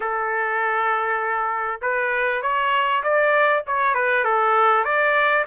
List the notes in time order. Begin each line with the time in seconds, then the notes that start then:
0.00 A4
1.81 B4
2.42 C#5
3.03 D5
3.66 C#5
3.94 B4
4.24 A4
4.84 D5